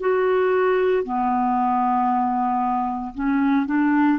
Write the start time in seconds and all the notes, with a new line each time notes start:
0.00 F#4
1.04 B3
3.15 C#4
3.66 D4